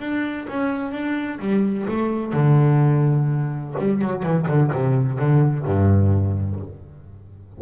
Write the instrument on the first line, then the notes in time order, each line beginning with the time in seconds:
double bass
0.00 D4
0.49 C#4
0.92 D4
1.40 G3
1.88 A3
2.33 D3
3.79 G3
4.02 F#3
4.23 E3
4.48 D3
4.73 C3
5.19 D3
5.66 G2